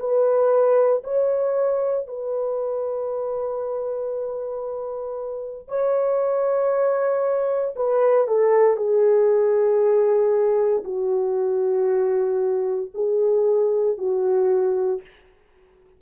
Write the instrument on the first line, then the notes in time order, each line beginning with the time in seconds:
horn
0.00 B4
1.04 C#5
2.08 B4
5.68 C#5
7.76 B4
8.28 A4
8.77 G#4
10.84 F#4
12.95 G#4
13.98 F#4